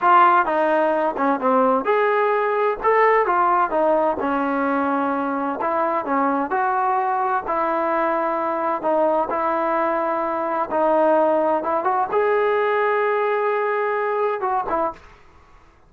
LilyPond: \new Staff \with { instrumentName = "trombone" } { \time 4/4 \tempo 4 = 129 f'4 dis'4. cis'8 c'4 | gis'2 a'4 f'4 | dis'4 cis'2. | e'4 cis'4 fis'2 |
e'2. dis'4 | e'2. dis'4~ | dis'4 e'8 fis'8 gis'2~ | gis'2. fis'8 e'8 | }